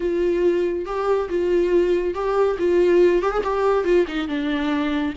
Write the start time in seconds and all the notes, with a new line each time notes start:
0.00 F4
0.85 G4
1.29 F4
2.14 G4
2.58 F4
3.22 G4
3.31 G#4
3.43 G4
3.84 F4
4.07 D#4
4.27 D4